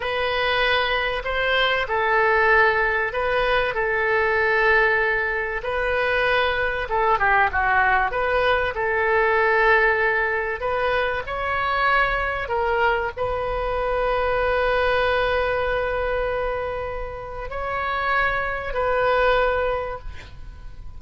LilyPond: \new Staff \with { instrumentName = "oboe" } { \time 4/4 \tempo 4 = 96 b'2 c''4 a'4~ | a'4 b'4 a'2~ | a'4 b'2 a'8 g'8 | fis'4 b'4 a'2~ |
a'4 b'4 cis''2 | ais'4 b'2.~ | b'1 | cis''2 b'2 | }